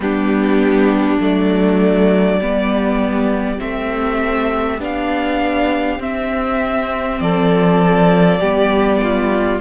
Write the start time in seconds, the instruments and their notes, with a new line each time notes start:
0.00 cello G3, viola B3, violin D4 G4
1.20 cello F#3, viola A3, violin D5
2.40 cello G3, viola B3, violin G4
3.58 cello A3, viola C4, violin E5
4.79 cello B3, viola D4, violin F5
5.99 cello C4, viola C4, violin E5
7.20 cello F3, violin A4 D5
8.39 cello G3, viola B3, violin G4
9.02 violin F4